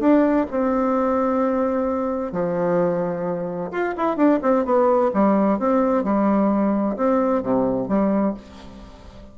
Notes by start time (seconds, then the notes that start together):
0.00 D4
0.51 C4
2.32 F3
3.72 F4
3.97 E4
4.16 D4
4.42 C4
4.65 B3
5.14 G3
5.59 C4
6.04 G3
6.97 C4
7.42 C3
7.88 G3